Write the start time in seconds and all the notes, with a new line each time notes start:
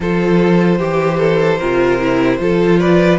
0.00 F3 F4 A4 C5
0.78 E3 G4
1.18 A4
1.58 C3 F4 A#4
2.00 E4
2.39 F3 F4 A4
2.79 B4 D5